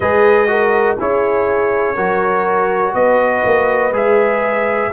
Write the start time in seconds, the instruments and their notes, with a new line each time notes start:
0.00 tuba G#3, trombone G#4, horn B4, trumpet D#5
0.47 trombone F#4, horn A#4
0.97 tuba C#4, trombone E4, horn G#4, trumpet C#5
1.95 tuba F#3, trombone F#4, horn A#4
2.94 tuba B3, horn B4, trumpet D#5
3.44 tuba A#3
3.91 tuba G#3, trombone G#4, trumpet E5